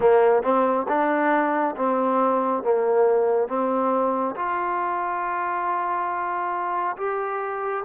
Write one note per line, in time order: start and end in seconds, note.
0.00 0.43 A#3
0.43 0.86 C4
0.88 1.75 D4
1.76 2.63 C4
2.63 3.48 A#3
3.48 4.35 C4
4.35 6.96 F4
6.96 7.83 G4